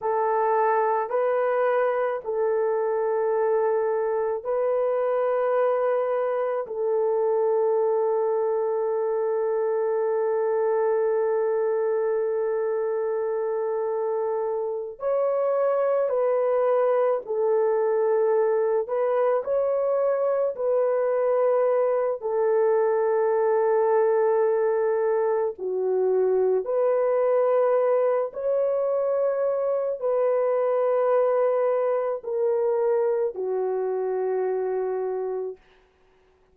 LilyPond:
\new Staff \with { instrumentName = "horn" } { \time 4/4 \tempo 4 = 54 a'4 b'4 a'2 | b'2 a'2~ | a'1~ | a'4. cis''4 b'4 a'8~ |
a'4 b'8 cis''4 b'4. | a'2. fis'4 | b'4. cis''4. b'4~ | b'4 ais'4 fis'2 | }